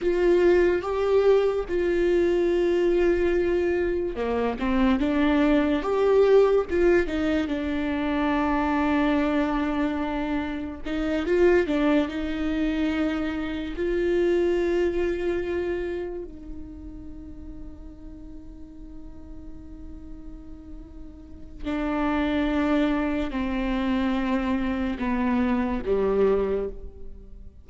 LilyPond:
\new Staff \with { instrumentName = "viola" } { \time 4/4 \tempo 4 = 72 f'4 g'4 f'2~ | f'4 ais8 c'8 d'4 g'4 | f'8 dis'8 d'2.~ | d'4 dis'8 f'8 d'8 dis'4.~ |
dis'8 f'2. dis'8~ | dis'1~ | dis'2 d'2 | c'2 b4 g4 | }